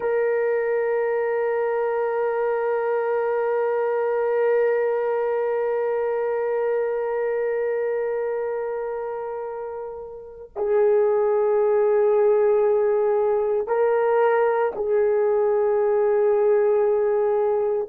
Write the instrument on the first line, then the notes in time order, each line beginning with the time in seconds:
horn
0.00 A#4
10.56 G#4
13.67 A#4
14.75 G#4